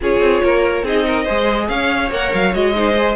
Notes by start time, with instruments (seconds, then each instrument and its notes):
0.01 cello C#4, viola F4, violin G#4 C#5
0.20 cello C4
0.43 cello A#3, violin A#4
0.83 cello C4, viola D#4, violin G#4 D#5
1.06 violin A#4
1.23 cello G#3, viola G#4, violin C5
1.68 cello C#4, violin C#5 F5
2.10 cello A#3, viola A#4, violin F#5
2.34 cello F#3, violin F5
2.52 cello G#3, viola F#4, violin D#5
2.74 viola D#4, violin C5
2.97 viola G#4